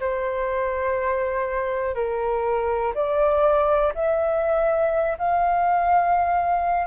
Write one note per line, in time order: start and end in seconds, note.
0.00 1.95 C5
1.95 2.93 A#4
2.95 3.93 D5
3.94 5.17 E5
5.18 6.87 F5